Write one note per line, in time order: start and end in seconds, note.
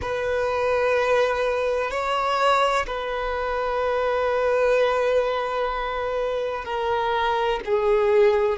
0.01 1.90 B4
1.90 2.86 C#5
2.86 6.65 B4
6.65 7.60 A#4
7.65 8.58 G#4